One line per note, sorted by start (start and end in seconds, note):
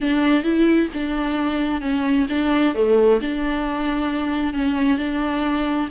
0.00 0.43 D4
0.43 0.89 E4
0.93 1.81 D4
1.81 2.26 C#4
2.29 2.74 D4
2.74 3.20 A3
3.21 4.53 D4
4.53 4.98 C#4
4.98 5.88 D4